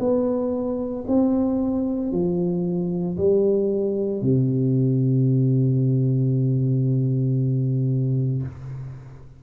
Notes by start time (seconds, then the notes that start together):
0.00 B3
1.08 C4
2.12 F3
3.18 G3
4.22 C3